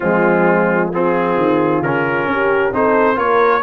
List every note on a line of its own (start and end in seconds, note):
0.00 1.36 F3
0.00 0.92 G#3
0.00 0.90 C4
0.00 0.89 F4
0.92 1.83 C4
0.92 2.31 F4
0.92 1.82 G#4
1.36 1.80 D#3
1.80 2.26 C#3
1.80 2.72 C#4
1.80 2.73 A#4
2.27 2.72 C#4
2.27 2.73 G4
2.72 3.17 C4
2.72 3.15 D#4
2.72 3.16 A4
2.72 3.18 C5
3.15 3.62 A#3
3.15 3.61 F4
3.15 3.61 A#4
3.15 3.62 C#5